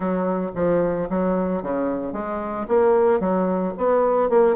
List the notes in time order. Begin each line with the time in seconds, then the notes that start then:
0.00 F#3
0.55 F3
1.09 F#3
1.62 C#3
2.12 G#3
2.68 A#3
3.19 F#3
3.77 B3
4.29 A#3